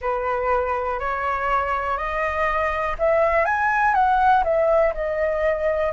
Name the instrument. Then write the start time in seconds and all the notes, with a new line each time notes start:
flute
0.01 B4
0.99 C#5
1.97 D#5
2.98 E5
3.45 G#5
3.94 F#5
4.44 E5
4.94 D#5